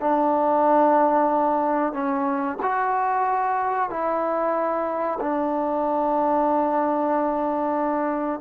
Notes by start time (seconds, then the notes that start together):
0.00 D4
1.93 C#4
2.62 F#4
3.89 E4
5.20 D4